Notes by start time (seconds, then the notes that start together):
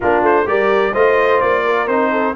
0.00 A#3 D4 F4 A#4
0.21 A3 C5
0.46 G3 G4 A#4 D5
0.92 A3 F4 C5 D#5
1.40 A#3 D5
1.65 A#4
1.87 C4 D#4 C5
2.11 A4